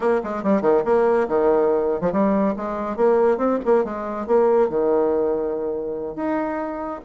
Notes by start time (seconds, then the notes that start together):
0.00 A#3
0.23 G#3
0.43 G3
0.61 D#3
0.85 A#3
1.28 D#3
2.00 F3
2.12 G3
2.56 G#3
2.96 A#3
3.37 C4
3.65 A#3
3.84 G#3
4.26 A#3
4.69 D#3
6.15 D#4